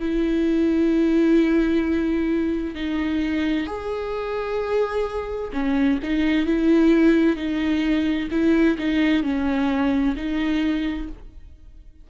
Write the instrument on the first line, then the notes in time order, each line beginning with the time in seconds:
viola
0.00 E4
2.75 D#4
3.67 G#4
5.53 C#4
6.03 D#4
6.47 E4
7.37 D#4
8.31 E4
8.79 D#4
9.23 C#4
10.17 D#4